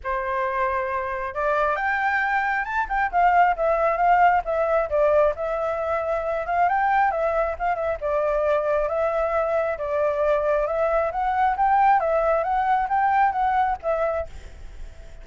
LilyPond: \new Staff \with { instrumentName = "flute" } { \time 4/4 \tempo 4 = 135 c''2. d''4 | g''2 a''8 g''8 f''4 | e''4 f''4 e''4 d''4 | e''2~ e''8 f''8 g''4 |
e''4 f''8 e''8 d''2 | e''2 d''2 | e''4 fis''4 g''4 e''4 | fis''4 g''4 fis''4 e''4 | }